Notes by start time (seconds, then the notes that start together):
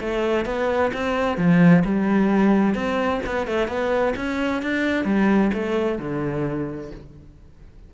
0.00 A3
0.45 B3
0.93 C4
1.37 F3
1.84 G3
2.74 C4
3.26 B3
3.47 A3
3.68 B3
4.16 C#4
4.62 D4
5.05 G3
5.53 A3
5.99 D3